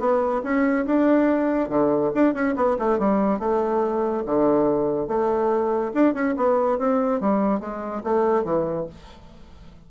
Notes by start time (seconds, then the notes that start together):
0.00 B3
0.44 C#4
0.86 D4
1.70 D3
2.15 D4
2.34 C#4
2.56 B3
2.79 A3
2.99 G3
3.40 A3
4.26 D3
5.08 A3
5.94 D4
6.14 C#4
6.37 B3
6.79 C4
7.21 G3
7.61 G#3
8.04 A3
8.45 E3